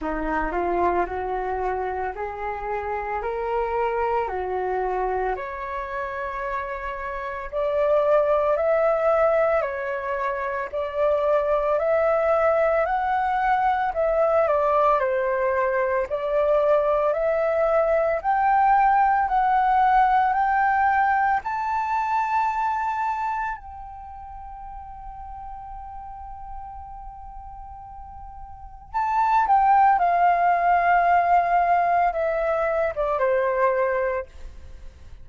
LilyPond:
\new Staff \with { instrumentName = "flute" } { \time 4/4 \tempo 4 = 56 dis'8 f'8 fis'4 gis'4 ais'4 | fis'4 cis''2 d''4 | e''4 cis''4 d''4 e''4 | fis''4 e''8 d''8 c''4 d''4 |
e''4 g''4 fis''4 g''4 | a''2 g''2~ | g''2. a''8 g''8 | f''2 e''8. d''16 c''4 | }